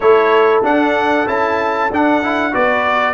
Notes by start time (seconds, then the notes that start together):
0.00 A3 E4 A4 C#5
0.62 D4 F#5
1.27 C#4 E4 A5
1.90 D4 F#5
2.23 E4
2.51 B3 F#4 B4 D5